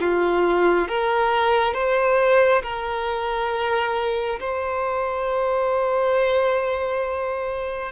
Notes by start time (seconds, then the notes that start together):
0.00 F4
0.88 A#4
1.74 C5
2.63 A#4
4.40 C5